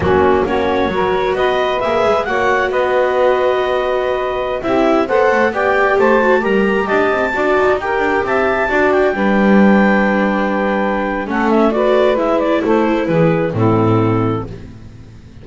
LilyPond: <<
  \new Staff \with { instrumentName = "clarinet" } { \time 4/4 \tempo 4 = 133 fis'4 cis''2 dis''4 | e''4 fis''4 dis''2~ | dis''2~ dis''16 e''4 fis''8.~ | fis''16 g''4 a''4 ais''4 a''8.~ |
a''4~ a''16 g''4 a''4. g''16~ | g''1~ | g''4 fis''8 e''8 d''4 e''8 d''8 | c''4 b'4 a'2 | }
  \new Staff \with { instrumentName = "saxophone" } { \time 4/4 cis'4 fis'4 ais'4 b'4~ | b'4 cis''4 b'2~ | b'2~ b'16 g'4 c''8.~ | c''16 d''4 c''4 ais'4 dis''8.~ |
dis''16 d''4 ais'4 e''4 d''8.~ | d''16 b'2.~ b'8.~ | b'4 a'4 b'2 | a'4 gis'4 e'2 | }
  \new Staff \with { instrumentName = "viola" } { \time 4/4 ais4 cis'4 fis'2 | gis'4 fis'2.~ | fis'2~ fis'16 e'4 a'8.~ | a'16 g'4. fis'8 g'4.~ g'16~ |
g'16 fis'4 g'2 fis'8.~ | fis'16 d'2.~ d'8.~ | d'4 cis'4 fis'4 e'4~ | e'2 c'2 | }
  \new Staff \with { instrumentName = "double bass" } { \time 4/4 fis4 ais4 fis4 b4 | ais8 gis8 ais4 b2~ | b2~ b16 c'4 b8 a16~ | a16 b4 a4 g4 d'8 c'16~ |
c'16 d'8 dis'4 d'8 c'4 d'8.~ | d'16 g2.~ g8.~ | g4 a2 gis4 | a4 e4 a,2 | }
>>